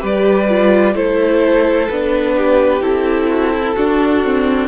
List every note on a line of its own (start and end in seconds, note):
0.00 0.95 G3
0.00 0.47 G4
0.00 0.95 B4
0.00 0.96 D5
0.49 0.95 F4
0.95 1.88 A3
0.95 1.89 E4
0.95 2.36 A4
0.95 1.89 C5
1.89 2.81 B3
1.89 2.80 D4
1.89 2.82 B4
2.36 3.30 G4
2.80 3.75 C4
2.80 3.74 E4
2.80 4.68 A4
3.30 3.53 F#4
3.54 3.75 E4
3.75 4.24 D4
3.75 4.68 D4
3.75 4.68 F#4
4.24 4.68 C4